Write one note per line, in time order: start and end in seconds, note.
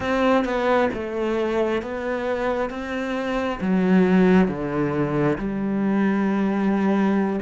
0.00 0.44 C4
0.44 0.89 B3
0.93 1.82 A3
1.82 2.69 B3
2.69 3.59 C4
3.61 4.48 F#3
4.48 5.37 D3
5.38 7.39 G3